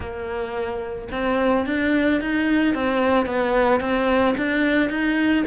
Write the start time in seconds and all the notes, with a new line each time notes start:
0.00 A#3
1.11 C4
1.66 D4
2.20 D#4
2.74 C4
3.26 B3
3.80 C4
4.37 D4
4.89 D#4